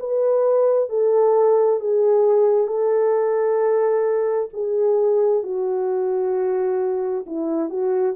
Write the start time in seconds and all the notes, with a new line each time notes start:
0.00 B4
0.90 A4
1.80 G#4
2.68 A4
4.54 G#4
5.44 F#4
7.27 E4
7.70 F#4